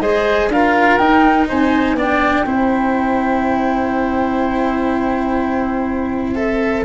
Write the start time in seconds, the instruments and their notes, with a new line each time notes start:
0.00 tuba G#3, cello G#4, oboe C5, flute D#5
0.48 tuba D4, cello F4, oboe A#4, flute F5
0.97 cello D#4, tuba D#4, flute G5
1.48 tuba C4, oboe C5, flute G#5
1.93 tuba B3, cello D4, oboe D5, flute G5
2.46 tuba C4, cello E4, oboe C5
6.35 cello A4, flute E5